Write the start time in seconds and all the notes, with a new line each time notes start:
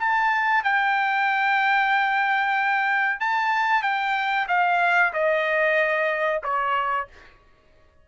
0.00 A5
0.64 G5
3.20 A5
3.83 G5
4.48 F5
5.13 D#5
6.43 C#5